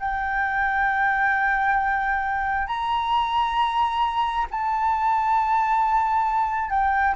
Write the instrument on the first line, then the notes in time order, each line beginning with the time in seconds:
flute
0.00 G5
2.68 A#5
4.51 A5
6.70 G5